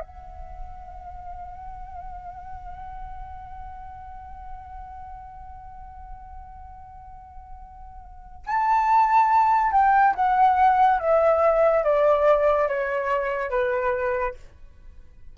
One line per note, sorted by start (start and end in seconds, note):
0.00 8.45 F#5
8.46 9.72 A5
9.72 10.14 G5
10.15 10.99 F#5
10.99 11.83 E5
11.83 12.68 D5
12.68 13.50 C#5
13.50 14.34 B4